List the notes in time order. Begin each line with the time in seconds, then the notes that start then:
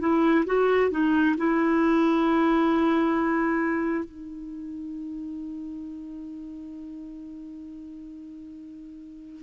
0.00 E4
0.46 F#4
0.91 D#4
1.38 E4
4.05 D#4